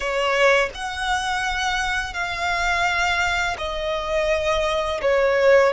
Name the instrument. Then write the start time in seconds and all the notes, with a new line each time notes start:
violin
0.00 C#5
0.74 F#5
2.13 F5
3.57 D#5
5.01 C#5